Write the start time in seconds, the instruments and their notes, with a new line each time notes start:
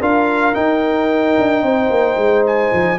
0.00 tuba D4, trombone F4, horn A#4, trumpet F5
0.54 trombone D#4, tuba D#4, trumpet G5
1.39 tuba D4
1.63 tuba C4, horn C5
1.90 tuba A#3
2.16 tuba G#3
2.46 trumpet G#5
2.73 tuba F3